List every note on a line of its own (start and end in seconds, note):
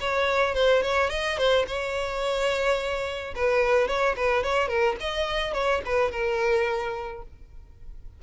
0.00 0.55 C#5
0.55 0.82 C5
0.82 1.10 C#5
1.10 1.37 D#5
1.38 1.65 C5
1.67 3.34 C#5
3.35 3.88 B4
3.88 4.15 C#5
4.16 4.43 B4
4.43 4.68 C#5
4.68 4.96 A#4
5.00 5.53 D#5
5.53 5.81 C#5
5.85 6.11 B4
6.11 7.22 A#4